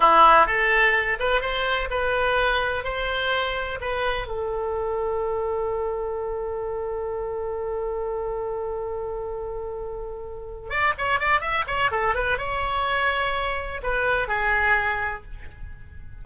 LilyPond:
\new Staff \with { instrumentName = "oboe" } { \time 4/4 \tempo 4 = 126 e'4 a'4. b'8 c''4 | b'2 c''2 | b'4 a'2.~ | a'1~ |
a'1~ | a'2~ a'8 d''8 cis''8 d''8 | e''8 cis''8 a'8 b'8 cis''2~ | cis''4 b'4 gis'2 | }